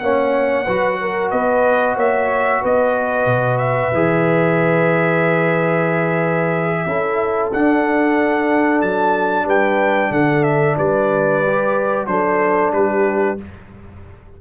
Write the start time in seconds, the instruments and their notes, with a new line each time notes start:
0.00 tuba A#3, trombone C#4, horn C#5, trumpet F#5
0.65 tuba F#3, trombone F#4, horn B4
1.01 horn A#4
1.31 tuba B3, horn B4, trumpet D#5
1.96 tuba A#3, horn C#5, trumpet E5
2.62 tuba B3, horn B4, trumpet D#5
3.26 tuba B2
3.58 trumpet E5
3.94 tuba E3, trombone G#4
6.86 tuba C#4, trombone E4, horn A4
7.53 tuba D4, trombone D4, trumpet F#5
8.82 tuba F#3, trumpet A5
9.46 tuba G3, horn B4, trumpet G5
10.11 tuba D3, horn A4, trumpet F#5
10.44 trumpet E5
10.78 tuba G3, horn B4, trumpet D5
11.47 trombone G4
12.07 tuba F#3, trombone D4, horn A4, trumpet C5
12.72 tuba G3, horn G4, trumpet B4